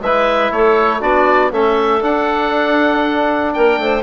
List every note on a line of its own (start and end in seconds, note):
0.00 0.50 G#3
0.00 1.00 E4
0.00 0.53 B4
0.00 0.51 E5
0.51 1.01 A3
0.51 0.99 A4
0.51 1.02 C#5
0.99 1.52 B3
0.99 1.51 D4
0.99 1.50 F#4
0.99 1.52 D5
1.51 2.02 A3
1.51 2.01 C#4
1.51 3.53 A4
1.51 2.03 E5
2.01 4.02 D4
2.01 3.54 D4
2.01 3.53 F#5
3.53 3.77 A#3
3.53 3.80 A#4
3.53 4.02 G5
3.77 4.02 A3
3.77 4.02 C5